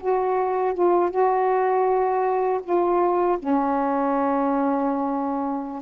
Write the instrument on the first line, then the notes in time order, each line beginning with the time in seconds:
saxophone
0.00 F#4
0.74 F4
1.10 F#4
2.63 F4
3.39 C#4